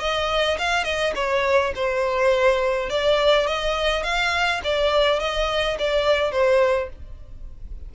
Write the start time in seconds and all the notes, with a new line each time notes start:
0.00 D#5
0.58 F5
0.84 D#5
1.16 C#5
1.75 C5
2.90 D5
3.47 D#5
4.03 F5
4.64 D5
5.20 D#5
5.79 D5
6.32 C5